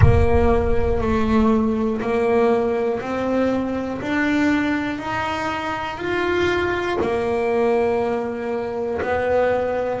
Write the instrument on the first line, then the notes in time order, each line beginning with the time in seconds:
double bass
0.01 A#3
1.00 A3
2.00 A#3
3.00 C4
4.01 D4
4.98 D#4
5.97 F4
7.01 A#3
9.01 B3